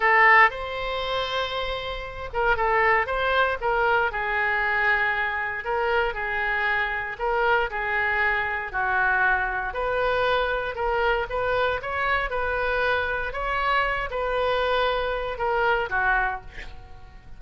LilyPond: \new Staff \with { instrumentName = "oboe" } { \time 4/4 \tempo 4 = 117 a'4 c''2.~ | c''8 ais'8 a'4 c''4 ais'4 | gis'2. ais'4 | gis'2 ais'4 gis'4~ |
gis'4 fis'2 b'4~ | b'4 ais'4 b'4 cis''4 | b'2 cis''4. b'8~ | b'2 ais'4 fis'4 | }